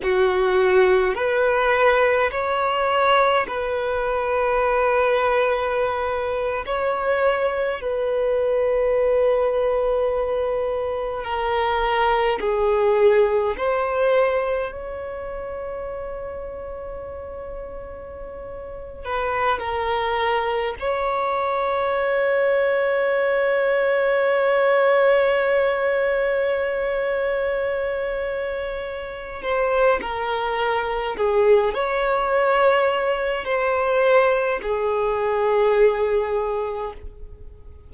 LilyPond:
\new Staff \with { instrumentName = "violin" } { \time 4/4 \tempo 4 = 52 fis'4 b'4 cis''4 b'4~ | b'4.~ b'16 cis''4 b'4~ b'16~ | b'4.~ b'16 ais'4 gis'4 c''16~ | c''8. cis''2.~ cis''16~ |
cis''8 b'8 ais'4 cis''2~ | cis''1~ | cis''4. c''8 ais'4 gis'8 cis''8~ | cis''4 c''4 gis'2 | }